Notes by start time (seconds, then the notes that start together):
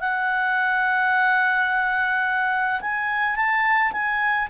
0.00 F#5
2.81 G#5
3.35 A5
3.92 G#5